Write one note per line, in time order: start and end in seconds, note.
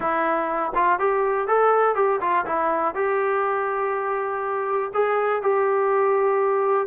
0.00 0.72 E4
0.74 0.99 F4
0.99 1.47 G4
1.47 1.95 A4
1.95 2.20 G4
2.20 2.45 F4
2.45 2.94 E4
2.94 4.91 G4
4.94 5.42 G#4
5.42 6.87 G4